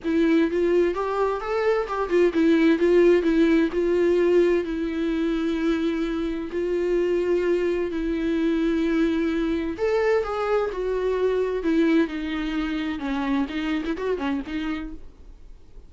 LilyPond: \new Staff \with { instrumentName = "viola" } { \time 4/4 \tempo 4 = 129 e'4 f'4 g'4 a'4 | g'8 f'8 e'4 f'4 e'4 | f'2 e'2~ | e'2 f'2~ |
f'4 e'2.~ | e'4 a'4 gis'4 fis'4~ | fis'4 e'4 dis'2 | cis'4 dis'8. e'16 fis'8 cis'8 dis'4 | }